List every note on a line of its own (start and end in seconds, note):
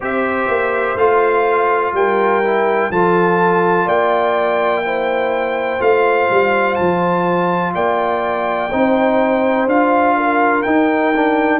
0.00 0.48 C4
0.00 0.97 G4
0.00 1.94 C5
0.00 0.97 E5
0.48 0.96 A#3
0.96 1.92 A3
0.96 2.43 F4
0.96 1.94 F5
1.92 2.89 G3
1.92 2.91 A#4
1.92 2.91 G5
2.43 2.92 E4
2.90 3.85 F3
2.90 4.84 F4
2.90 3.86 A4
2.90 3.88 A5
3.85 5.79 A#3
3.85 4.82 D5
3.85 5.81 G5
4.84 5.79 E4
4.84 7.74 C5
5.79 6.28 A3
5.79 8.69 F4
5.79 6.75 F5
6.29 6.78 G3
6.75 7.75 F3
6.75 7.72 A5
7.74 8.71 A#3
7.74 8.70 D5
7.74 9.68 G5
8.70 9.66 C4
8.70 9.68 D#4
8.70 10.15 C5
9.66 10.63 D4
9.66 10.65 F4
9.66 10.62 F5
10.16 11.59 A#4
10.62 11.13 D#4
10.62 11.59 D#4
10.62 11.59 G5
11.15 11.59 D4